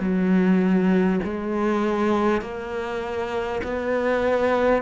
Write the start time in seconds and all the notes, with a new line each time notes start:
0.00 F#3
1.24 G#3
2.42 A#3
3.64 B3